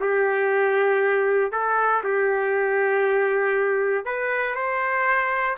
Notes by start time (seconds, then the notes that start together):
0.00 G4
1.51 A4
2.03 G4
4.05 B4
4.55 C5